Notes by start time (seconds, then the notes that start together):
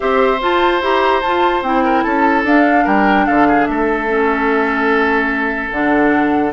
0.00 C4 G4 C5 E5
0.40 F4 A5
0.81 E4 G4 A#5
1.21 F4 A5
1.62 C4 E4 G5
1.84 A#4
2.03 C#4 A4 A5
2.44 D4 F5
2.84 G3 A#4 G5
3.26 D3 A4 F5
3.47 G#4
3.66 A3 A4 E5
4.07 C#4
5.71 D3 D4 F#5